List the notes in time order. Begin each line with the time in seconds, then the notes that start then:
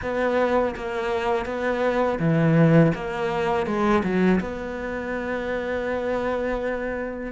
0.02 B3
0.75 A#3
1.45 B3
2.19 E3
2.94 A#3
3.66 G#3
4.03 F#3
4.40 B3